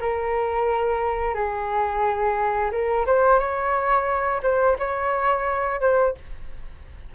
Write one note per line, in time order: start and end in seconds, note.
0.00 1.34 A#4
1.34 2.70 G#4
2.71 3.05 A#4
3.06 3.39 C5
3.39 4.41 C#5
4.42 4.76 C5
4.78 5.80 C#5
5.80 6.14 C5